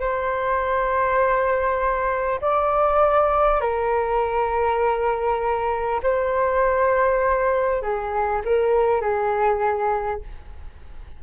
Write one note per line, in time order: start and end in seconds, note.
0.00 2.40 C5
2.41 3.61 D5
3.61 6.01 A#4
6.03 7.82 C5
7.82 8.42 G#4
8.45 9.01 A#4
9.01 10.21 G#4